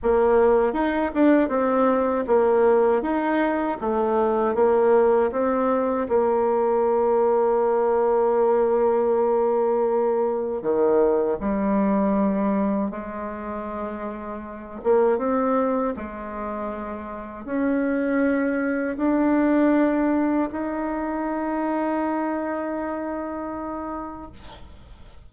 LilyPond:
\new Staff \with { instrumentName = "bassoon" } { \time 4/4 \tempo 4 = 79 ais4 dis'8 d'8 c'4 ais4 | dis'4 a4 ais4 c'4 | ais1~ | ais2 dis4 g4~ |
g4 gis2~ gis8 ais8 | c'4 gis2 cis'4~ | cis'4 d'2 dis'4~ | dis'1 | }